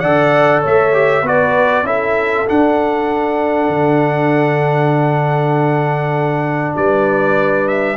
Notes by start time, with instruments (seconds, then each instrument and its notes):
0.00 tuba D3, trombone A4, horn D5, trumpet F#5
0.62 tuba A3, horn C#5, trumpet E5
0.93 trombone G4
1.22 tuba B3, trombone F#4, horn B4, trumpet D5
1.83 tuba C#4, trombone E4, horn A4, trumpet E5
2.47 trombone D4, tuba D4, trumpet F#5
3.69 tuba D3
6.76 tuba G3, horn B4, trumpet D5
7.68 trumpet E5